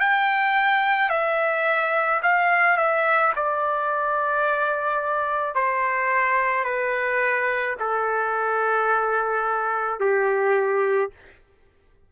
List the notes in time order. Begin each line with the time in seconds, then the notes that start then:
0.00 G5
1.10 E5
2.23 F5
2.77 E5
3.36 D5
5.55 C5
6.64 B4
7.79 A4
10.00 G4